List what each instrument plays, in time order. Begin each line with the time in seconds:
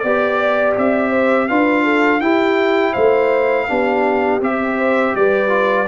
0.00 tuba B3, trombone G4, trumpet D5, horn D5
0.78 tuba C4, trumpet E5
1.11 horn C5
1.49 tuba D4, trombone F4, horn B4, trumpet F5
1.84 horn A4
2.21 tuba E4, trombone E4, horn G4, trumpet G5
2.93 tuba A3, horn C5, trumpet F5
3.68 tuba B3, trombone D4, horn G4
4.41 tuba C4, trombone G4, trumpet E5
4.78 horn C5
5.16 tuba G3, horn B4, trumpet D5
5.49 trombone F4